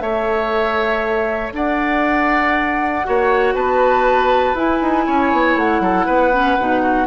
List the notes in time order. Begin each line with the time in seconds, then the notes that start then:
0.00 A3 A4 C#5 E5
1.52 D4 D5 F#5
3.05 A#3 F#4 C#5
3.54 B3 B4 A5
4.54 E4 G#5
4.82 D#4
5.06 C#4 C#5
5.32 B3
5.55 A3 F#5
5.80 F#3 A4
6.06 B3 B4
6.33 C#4
6.59 B2 D#4
6.82 F#4